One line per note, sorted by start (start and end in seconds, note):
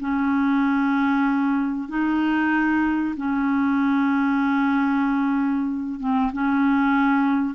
0.00 1.89 C#4
1.89 3.15 D#4
3.17 6.00 C#4
6.00 6.32 C4
6.33 7.55 C#4